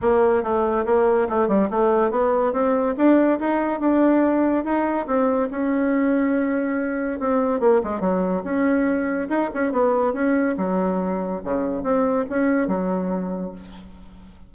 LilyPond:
\new Staff \with { instrumentName = "bassoon" } { \time 4/4 \tempo 4 = 142 ais4 a4 ais4 a8 g8 | a4 b4 c'4 d'4 | dis'4 d'2 dis'4 | c'4 cis'2.~ |
cis'4 c'4 ais8 gis8 fis4 | cis'2 dis'8 cis'8 b4 | cis'4 fis2 cis4 | c'4 cis'4 fis2 | }